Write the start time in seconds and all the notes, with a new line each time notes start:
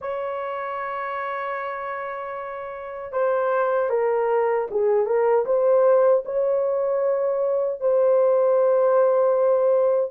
0.01 C#5
3.12 C5
3.89 A#4
4.70 G#4
5.06 A#4
5.45 C5
6.25 C#5
7.80 C5